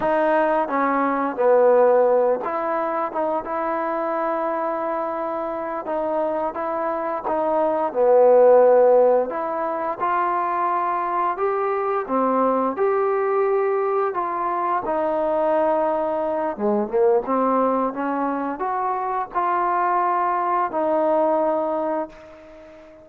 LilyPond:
\new Staff \with { instrumentName = "trombone" } { \time 4/4 \tempo 4 = 87 dis'4 cis'4 b4. e'8~ | e'8 dis'8 e'2.~ | e'8 dis'4 e'4 dis'4 b8~ | b4. e'4 f'4.~ |
f'8 g'4 c'4 g'4.~ | g'8 f'4 dis'2~ dis'8 | gis8 ais8 c'4 cis'4 fis'4 | f'2 dis'2 | }